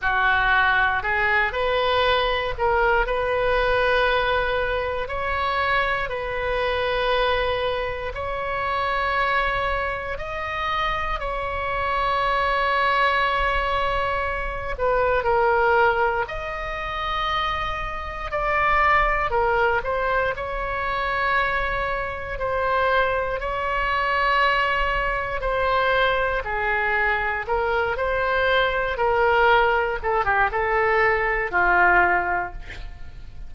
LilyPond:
\new Staff \with { instrumentName = "oboe" } { \time 4/4 \tempo 4 = 59 fis'4 gis'8 b'4 ais'8 b'4~ | b'4 cis''4 b'2 | cis''2 dis''4 cis''4~ | cis''2~ cis''8 b'8 ais'4 |
dis''2 d''4 ais'8 c''8 | cis''2 c''4 cis''4~ | cis''4 c''4 gis'4 ais'8 c''8~ | c''8 ais'4 a'16 g'16 a'4 f'4 | }